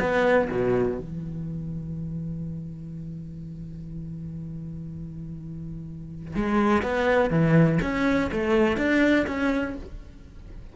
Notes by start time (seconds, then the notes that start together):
0.00 B3
0.51 B2
0.99 E3
6.36 G#3
6.83 B3
7.30 E3
7.82 C#4
8.32 A3
8.77 D4
9.27 C#4